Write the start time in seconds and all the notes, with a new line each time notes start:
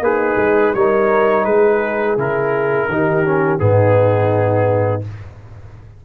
0.00 A#3 D#4 G#4 B4
0.36 G#3
0.74 G3 D#4 A#4 C#5
1.44 G#3 G#4 B4
2.17 C#3 E4 A#4
2.88 D#3 D#4 G4
3.25 C#4
3.59 G#2 B3 D#4 G#4